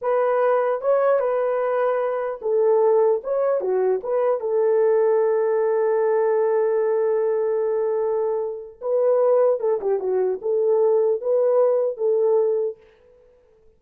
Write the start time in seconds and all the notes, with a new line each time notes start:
0.01 B4
0.81 C#5
1.19 B4
2.41 A4
3.23 C#5
3.60 F#4
4.03 B4
4.40 A4
8.81 B4
9.60 A4
9.81 G4
9.99 F#4
10.41 A4
11.21 B4
11.97 A4